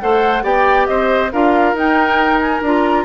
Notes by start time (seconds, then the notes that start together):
0.00 A3 A4 C5 F#5
0.43 B3 G4 D5 G5
0.87 C4 C5 D#5
1.32 D4 F4 A#4 F5
1.74 D#4 G5
2.40 G#5
2.61 D4 F4 A#5